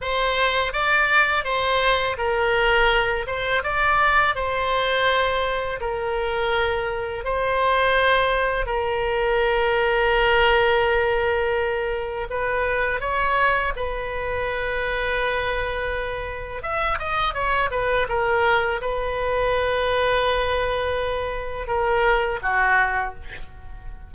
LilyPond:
\new Staff \with { instrumentName = "oboe" } { \time 4/4 \tempo 4 = 83 c''4 d''4 c''4 ais'4~ | ais'8 c''8 d''4 c''2 | ais'2 c''2 | ais'1~ |
ais'4 b'4 cis''4 b'4~ | b'2. e''8 dis''8 | cis''8 b'8 ais'4 b'2~ | b'2 ais'4 fis'4 | }